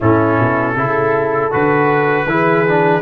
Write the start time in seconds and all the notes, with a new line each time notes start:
0.00 A2 C#4 E4 A4
0.39 B2
0.75 C#3 E4 A4
1.51 D3 F#4 B4
2.26 E3 E4 G#4
2.67 D4